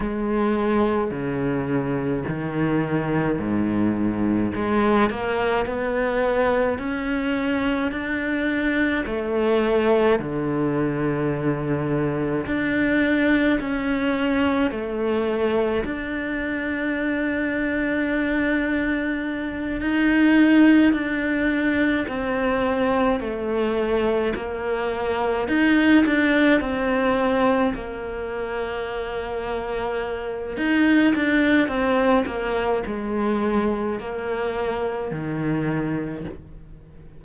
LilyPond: \new Staff \with { instrumentName = "cello" } { \time 4/4 \tempo 4 = 53 gis4 cis4 dis4 gis,4 | gis8 ais8 b4 cis'4 d'4 | a4 d2 d'4 | cis'4 a4 d'2~ |
d'4. dis'4 d'4 c'8~ | c'8 a4 ais4 dis'8 d'8 c'8~ | c'8 ais2~ ais8 dis'8 d'8 | c'8 ais8 gis4 ais4 dis4 | }